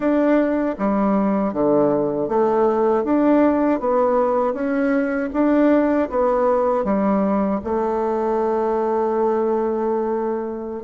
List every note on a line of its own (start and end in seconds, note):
0.00 0.75 D4
0.78 1.53 G3
1.53 2.28 D3
2.28 3.03 A3
3.03 3.79 D4
3.80 4.53 B3
4.53 5.29 C#4
5.33 6.09 D4
6.09 6.84 B3
6.84 7.60 G3
7.64 10.83 A3